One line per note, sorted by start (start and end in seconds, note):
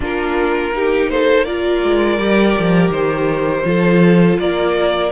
0.00 1.83 A#3
0.00 0.72 D4
0.00 0.74 F4
0.00 1.09 A#4
0.73 1.46 D#4
0.73 1.11 G4
1.09 1.46 A4
1.09 1.44 C5
1.44 2.18 F4
1.44 3.65 A#4
1.44 2.90 D5
1.83 2.19 G#3
2.18 2.56 G3
2.18 3.64 G4
2.58 2.89 F3
2.89 3.62 D#3
2.89 4.38 C5
3.64 4.38 F3
3.64 5.10 F4
3.64 4.40 A4
4.38 5.11 A#3
4.38 5.11 A#4
4.38 5.11 D5